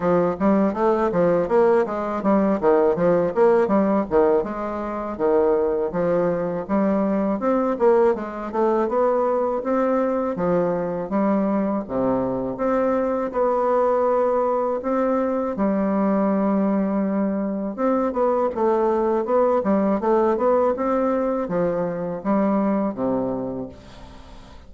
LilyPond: \new Staff \with { instrumentName = "bassoon" } { \time 4/4 \tempo 4 = 81 f8 g8 a8 f8 ais8 gis8 g8 dis8 | f8 ais8 g8 dis8 gis4 dis4 | f4 g4 c'8 ais8 gis8 a8 | b4 c'4 f4 g4 |
c4 c'4 b2 | c'4 g2. | c'8 b8 a4 b8 g8 a8 b8 | c'4 f4 g4 c4 | }